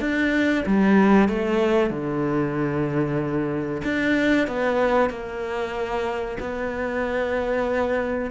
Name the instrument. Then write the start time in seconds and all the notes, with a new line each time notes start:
cello
0.00 D4
0.66 G3
1.28 A3
1.90 D3
3.84 D4
4.47 B3
5.09 A#3
6.39 B3